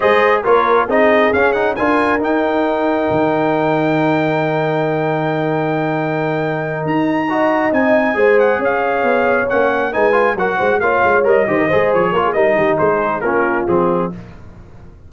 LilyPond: <<
  \new Staff \with { instrumentName = "trumpet" } { \time 4/4 \tempo 4 = 136 dis''4 cis''4 dis''4 f''8 fis''8 | gis''4 g''2.~ | g''1~ | g''2.~ g''8 ais''8~ |
ais''4. gis''4. fis''8 f''8~ | f''4. fis''4 gis''4 fis''8~ | fis''8 f''4 dis''4. cis''4 | dis''4 c''4 ais'4 gis'4 | }
  \new Staff \with { instrumentName = "horn" } { \time 4/4 c''4 ais'4 gis'2 | ais'1~ | ais'1~ | ais'1~ |
ais'8 dis''2 c''4 cis''8~ | cis''2~ cis''8 b'4 ais'8 | c''8 cis''4. c''16 ais'16 c''4 ais'16 gis'16 | ais'8 g'8 gis'4 f'2 | }
  \new Staff \with { instrumentName = "trombone" } { \time 4/4 gis'4 f'4 dis'4 cis'8 dis'8 | f'4 dis'2.~ | dis'1~ | dis'1~ |
dis'8 fis'4 dis'4 gis'4.~ | gis'4. cis'4 dis'8 f'8 fis'8~ | fis'8 f'4 ais'8 g'8 gis'4 f'8 | dis'2 cis'4 c'4 | }
  \new Staff \with { instrumentName = "tuba" } { \time 4/4 gis4 ais4 c'4 cis'4 | d'4 dis'2 dis4~ | dis1~ | dis2.~ dis8 dis'8~ |
dis'4. c'4 gis4 cis'8~ | cis'8 b4 ais4 gis4 fis8 | gis8 ais8 gis8 g8 dis8 gis8 f8 ais8 | g8 dis8 gis4 ais4 f4 | }
>>